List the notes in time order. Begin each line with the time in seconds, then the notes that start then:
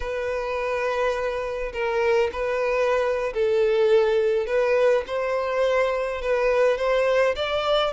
0.00 B4
1.72 A#4
2.32 B4
3.33 A4
4.46 B4
5.06 C5
6.21 B4
6.77 C5
7.35 D5